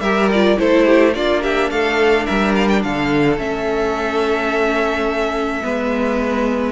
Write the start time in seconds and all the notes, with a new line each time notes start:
0.00 G3 G4 A#4 E5
0.31 F4 D5
0.57 A3 E4 A4 C5
0.85 G4
1.14 A#3 D4 F4 D5
1.42 G4 E5
1.70 A3 A4 F5
2.25 G3 A#4 E5
2.55 F5
2.68 G5
2.83 D3 A4 F5
3.37 A3 C#4 E5
5.62 G#3 B3 B4